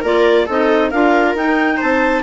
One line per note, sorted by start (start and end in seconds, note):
0.00 0.47 A#3
0.00 0.48 F4
0.00 0.44 A#4
0.00 0.49 D5
0.45 0.92 C4
0.45 0.92 D#4
0.45 0.89 A4
0.45 0.90 D#5
0.90 1.34 D4
0.90 1.37 F4
0.90 1.76 A#4
0.90 1.34 F5
1.34 1.78 D#4
1.34 2.23 D#4
1.34 1.80 G5
1.76 2.23 C4
1.76 2.20 C5
1.76 2.23 A5